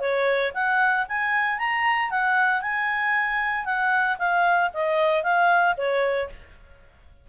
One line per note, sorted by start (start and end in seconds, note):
0.00 0.52 C#5
0.54 1.06 F#5
1.08 1.58 G#5
1.58 2.11 A#5
2.11 2.62 F#5
2.62 3.65 G#5
3.65 4.17 F#5
4.18 4.71 F5
4.74 5.23 D#5
5.23 5.75 F5
5.77 6.29 C#5